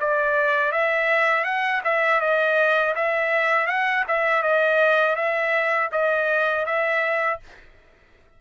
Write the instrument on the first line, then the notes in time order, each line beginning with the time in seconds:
trumpet
0.00 D5
0.71 E5
1.44 F#5
1.84 E5
2.20 D#5
2.95 E5
3.67 F#5
4.07 E5
4.42 D#5
5.15 E5
5.91 D#5
6.65 E5